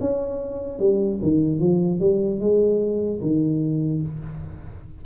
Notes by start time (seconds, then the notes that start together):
0.00 C#4
0.79 G3
1.22 D#3
1.60 F3
1.99 G3
2.40 G#3
3.21 D#3